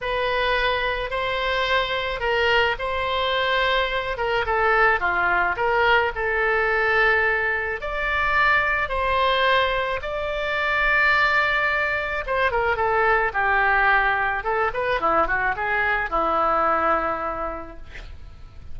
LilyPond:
\new Staff \with { instrumentName = "oboe" } { \time 4/4 \tempo 4 = 108 b'2 c''2 | ais'4 c''2~ c''8 ais'8 | a'4 f'4 ais'4 a'4~ | a'2 d''2 |
c''2 d''2~ | d''2 c''8 ais'8 a'4 | g'2 a'8 b'8 e'8 fis'8 | gis'4 e'2. | }